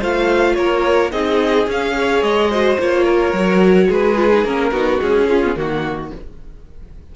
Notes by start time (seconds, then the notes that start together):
0.00 A3 F4 C5 F5
0.55 A#3 A#4 C#5
1.11 C4 D#4 G#4 D#5
1.67 C#4 F5
1.93 G#4 C#5
2.22 G#3 D#5
2.51 F#4 C5
2.79 A#3 F4 C#5
3.04 A#4
3.33 F#3 F#4
3.88 G#3 G#4 B4
4.16 F4
4.32 D#4
4.45 A#3 C#4 A#4
4.72 B3 D#4 F#4
4.98 G#3 C#4 G#4
5.29 C#4 F4
5.44 B3
5.56 D#3 A#3 F#4